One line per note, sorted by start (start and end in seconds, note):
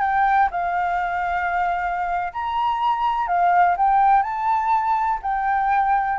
0.00 0.48 G5
0.51 2.32 F5
2.32 3.27 A#5
3.27 3.75 F5
3.77 4.22 G5
4.22 5.19 A5
5.22 6.18 G5